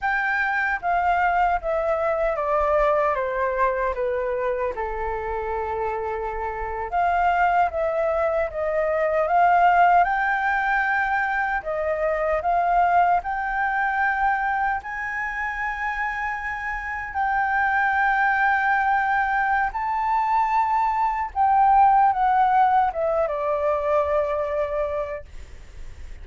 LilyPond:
\new Staff \with { instrumentName = "flute" } { \time 4/4 \tempo 4 = 76 g''4 f''4 e''4 d''4 | c''4 b'4 a'2~ | a'8. f''4 e''4 dis''4 f''16~ | f''8. g''2 dis''4 f''16~ |
f''8. g''2 gis''4~ gis''16~ | gis''4.~ gis''16 g''2~ g''16~ | g''4 a''2 g''4 | fis''4 e''8 d''2~ d''8 | }